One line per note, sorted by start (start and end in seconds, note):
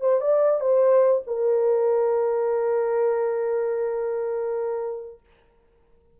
0.00 0.21 C5
0.21 0.60 D5
0.60 1.22 C5
1.27 5.20 A#4